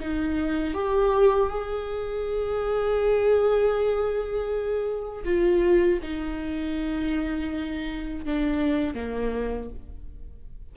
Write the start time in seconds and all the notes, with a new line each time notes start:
0.00 D#4
0.74 G4
1.49 G#4
5.25 F4
6.02 D#4
8.25 D4
8.95 A#3